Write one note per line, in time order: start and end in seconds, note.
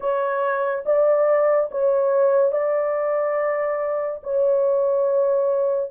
0.00 0.84 C#5
0.85 1.70 D5
1.71 2.51 C#5
2.51 4.20 D5
4.23 5.90 C#5